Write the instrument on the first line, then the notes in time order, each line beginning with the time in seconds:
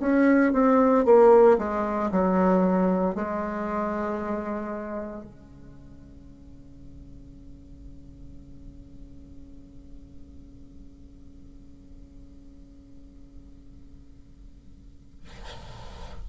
bassoon
0.00 C#4
0.53 C4
1.05 A#3
1.58 G#3
2.11 F#3
3.15 G#3
5.24 C#3